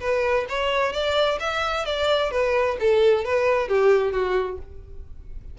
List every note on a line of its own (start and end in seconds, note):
0.00 0.46 B4
0.49 0.92 C#5
0.92 1.38 D5
1.39 1.85 E5
1.85 2.31 D5
2.31 2.77 B4
2.80 3.24 A4
3.24 3.68 B4
3.68 4.12 G4
4.12 4.58 F#4